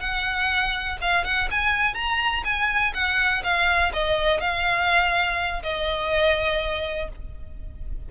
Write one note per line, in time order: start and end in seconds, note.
0.00 0.98 F#5
1.01 1.24 F5
1.24 1.49 F#5
1.51 1.94 G#5
1.94 2.43 A#5
2.44 2.93 G#5
2.94 3.43 F#5
3.43 3.92 F5
3.93 4.40 D#5
4.40 5.62 F5
5.63 7.09 D#5